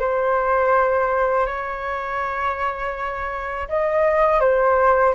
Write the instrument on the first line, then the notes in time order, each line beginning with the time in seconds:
flute
0.00 C5
1.46 C#5
3.69 D#5
4.40 C5